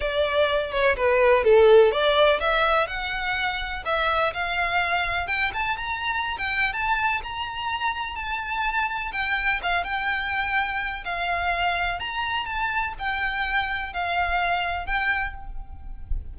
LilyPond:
\new Staff \with { instrumentName = "violin" } { \time 4/4 \tempo 4 = 125 d''4. cis''8 b'4 a'4 | d''4 e''4 fis''2 | e''4 f''2 g''8 a''8 | ais''4~ ais''16 g''8. a''4 ais''4~ |
ais''4 a''2 g''4 | f''8 g''2~ g''8 f''4~ | f''4 ais''4 a''4 g''4~ | g''4 f''2 g''4 | }